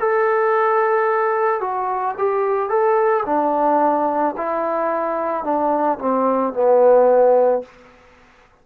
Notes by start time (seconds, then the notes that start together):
0.00 A4
1.61 F#4
2.18 G4
2.70 A4
3.26 D4
4.37 E4
5.44 D4
5.99 C4
6.54 B3